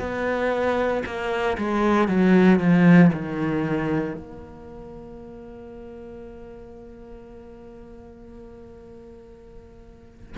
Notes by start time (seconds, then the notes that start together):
0.00 B3
1.06 A#3
1.58 G#3
2.08 F#3
2.60 F3
3.13 D#3
4.15 A#3